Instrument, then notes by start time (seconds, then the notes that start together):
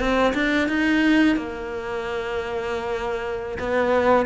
cello
0.00 C4
0.35 D4
0.69 D#4
1.37 A#3
3.60 B3